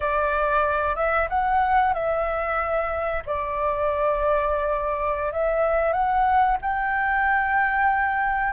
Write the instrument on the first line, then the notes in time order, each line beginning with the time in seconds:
flute
0.00 D5
0.95 E5
1.29 F#5
1.93 E5
3.26 D5
5.32 E5
5.92 F#5
6.61 G5